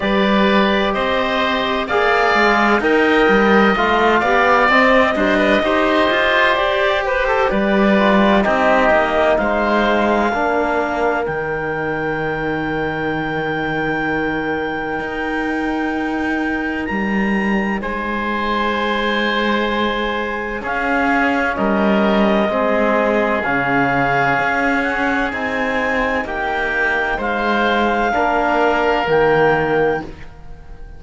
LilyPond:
<<
  \new Staff \with { instrumentName = "clarinet" } { \time 4/4 \tempo 4 = 64 d''4 dis''4 f''4 g''4 | f''4 dis''2 d''8 c''8 | d''4 dis''4 f''2 | g''1~ |
g''2 ais''4 gis''4~ | gis''2 f''4 dis''4~ | dis''4 f''4. fis''8 gis''4 | g''4 f''2 g''4 | }
  \new Staff \with { instrumentName = "oboe" } { \time 4/4 b'4 c''4 d''4 dis''4~ | dis''8 d''4 c''16 b'16 c''4. b'16 a'16 | b'4 g'4 c''4 ais'4~ | ais'1~ |
ais'2. c''4~ | c''2 gis'4 ais'4 | gis'1 | g'4 c''4 ais'2 | }
  \new Staff \with { instrumentName = "trombone" } { \time 4/4 g'2 gis'4 ais'4 | f'8 g'8 c'8 g8 g'2~ | g'8 f'8 dis'2 d'4 | dis'1~ |
dis'1~ | dis'2 cis'2 | c'4 cis'2 dis'4~ | dis'2 d'4 ais4 | }
  \new Staff \with { instrumentName = "cello" } { \time 4/4 g4 c'4 ais8 gis8 dis'8 g8 | a8 b8 c'8 d'8 dis'8 f'8 g'4 | g4 c'8 ais8 gis4 ais4 | dis1 |
dis'2 g4 gis4~ | gis2 cis'4 g4 | gis4 cis4 cis'4 c'4 | ais4 gis4 ais4 dis4 | }
>>